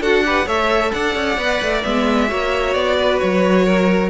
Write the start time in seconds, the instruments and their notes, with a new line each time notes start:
0.00 cello D4, viola F#4, violin A4 F#5
0.24 viola G4, violin B4
0.46 cello A3, viola A4, violin C#5 E5
0.91 cello D4, violin D5 F#5
1.15 cello C#4
1.38 cello B3, viola B4
1.61 cello A3
1.83 cello G#3, viola B3, violin E5
2.28 cello A#3, viola F#4, violin C#5
2.74 cello B3, violin D5
2.97 violin B4
3.19 cello F#3, violin C#5
3.64 violin A#4